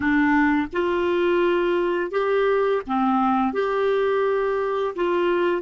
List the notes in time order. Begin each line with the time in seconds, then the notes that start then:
0.00 D4
0.72 F4
2.11 G4
2.86 C4
3.53 G4
4.95 F4